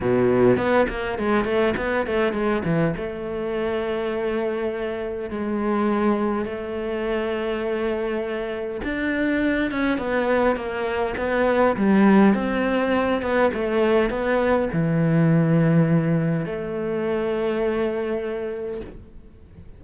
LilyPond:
\new Staff \with { instrumentName = "cello" } { \time 4/4 \tempo 4 = 102 b,4 b8 ais8 gis8 a8 b8 a8 | gis8 e8 a2.~ | a4 gis2 a4~ | a2. d'4~ |
d'8 cis'8 b4 ais4 b4 | g4 c'4. b8 a4 | b4 e2. | a1 | }